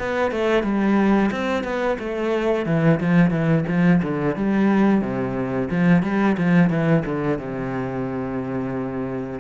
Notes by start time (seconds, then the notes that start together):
0.00 B3
0.32 A3
0.63 G3
1.32 C4
1.64 B3
1.99 A3
2.67 E3
3.01 F3
3.31 E3
3.68 F3
4.03 D3
4.36 G3
5.02 C3
5.71 F3
6.03 G3
6.38 F3
6.70 E3
7.06 D3
7.39 C3